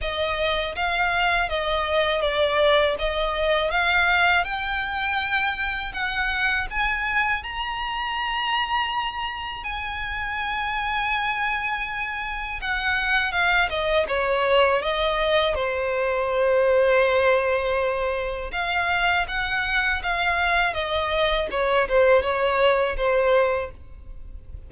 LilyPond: \new Staff \with { instrumentName = "violin" } { \time 4/4 \tempo 4 = 81 dis''4 f''4 dis''4 d''4 | dis''4 f''4 g''2 | fis''4 gis''4 ais''2~ | ais''4 gis''2.~ |
gis''4 fis''4 f''8 dis''8 cis''4 | dis''4 c''2.~ | c''4 f''4 fis''4 f''4 | dis''4 cis''8 c''8 cis''4 c''4 | }